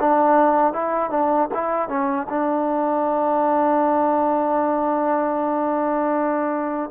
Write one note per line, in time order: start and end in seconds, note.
0.00 0.73 D4
0.73 1.10 E4
1.10 1.49 D4
1.54 1.88 E4
1.88 2.27 C#4
2.29 6.91 D4